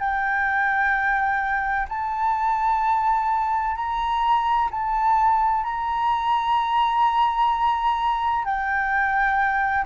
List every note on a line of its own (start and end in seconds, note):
0.00 1.87 G5
1.89 3.76 A5
3.76 4.70 A#5
4.71 5.64 A5
5.64 8.45 A#5
8.45 9.86 G5